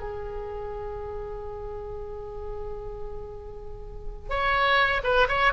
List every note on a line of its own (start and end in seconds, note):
0.00 4.30 G#4
4.30 5.02 C#5
5.04 5.28 B4
5.29 5.53 C#5